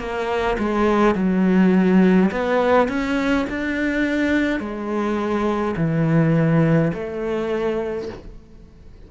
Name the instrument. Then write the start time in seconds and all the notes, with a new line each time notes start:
cello
0.00 A#3
0.59 G#3
1.16 F#3
2.32 B3
2.89 C#4
3.50 D4
4.60 G#3
5.77 E3
6.94 A3